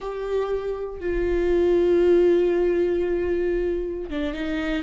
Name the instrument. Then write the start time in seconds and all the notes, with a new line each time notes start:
viola
0.00 G4
1.00 F4
4.10 D4
4.33 D#4